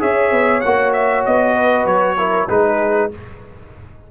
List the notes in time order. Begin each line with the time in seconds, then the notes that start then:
0.00 C#4 G#4 C#5 E5
0.31 B3
0.61 A#3 F#4 F#5
0.93 E5
1.26 B3 D#5
1.56 B4
1.85 F#3 C#5
2.17 E4 A#4
2.49 G#3 D#4 G#4 B4